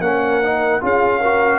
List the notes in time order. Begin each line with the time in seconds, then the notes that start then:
0.00 A#3 C#4 A#4 F#5
0.43 D#4
0.80 C#4 F4 G#4 F5
1.21 F#4 A#4